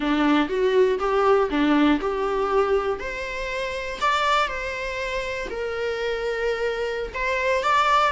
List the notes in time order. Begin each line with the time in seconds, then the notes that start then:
0.00 D4
0.48 F#4
0.99 G4
1.50 D4
2.00 G4
2.99 C5
4.00 D5
4.47 C5
5.50 A#4
7.14 C5
7.63 D5